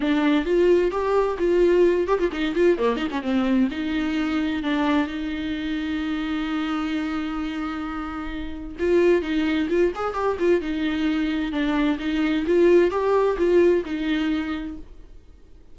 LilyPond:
\new Staff \with { instrumentName = "viola" } { \time 4/4 \tempo 4 = 130 d'4 f'4 g'4 f'4~ | f'8 g'16 f'16 dis'8 f'8 ais8 dis'16 cis'16 c'4 | dis'2 d'4 dis'4~ | dis'1~ |
dis'2. f'4 | dis'4 f'8 gis'8 g'8 f'8 dis'4~ | dis'4 d'4 dis'4 f'4 | g'4 f'4 dis'2 | }